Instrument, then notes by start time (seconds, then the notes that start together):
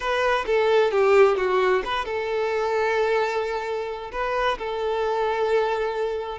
violin
0.00 B4
0.46 A4
0.91 G4
1.36 F#4
1.84 B4
2.05 A4
4.12 B4
4.58 A4